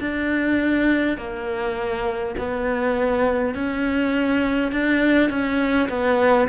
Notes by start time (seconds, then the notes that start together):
0.00 D4
1.17 A#3
2.38 B3
3.54 C#4
4.72 D4
5.30 C#4
5.89 B3